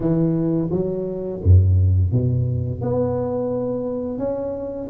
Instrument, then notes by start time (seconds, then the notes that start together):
tuba
0.00 E3
0.70 F#3
1.43 F#2
2.12 B2
2.81 B3
4.18 C#4